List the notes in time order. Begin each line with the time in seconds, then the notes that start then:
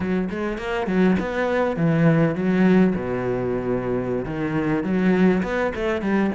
0.00 F#3
0.30 G#3
0.58 A#3
0.87 F#3
1.19 B3
1.76 E3
2.35 F#3
2.95 B2
4.25 D#3
4.83 F#3
5.43 B3
5.75 A3
6.01 G3